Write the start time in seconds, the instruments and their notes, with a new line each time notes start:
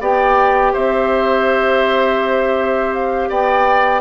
0.00 bassoon B3, clarinet G4, oboe D5, flute G5
0.73 bassoon C4, oboe C5, flute E5
2.94 flute F5
3.29 bassoon B3, oboe D5, flute G5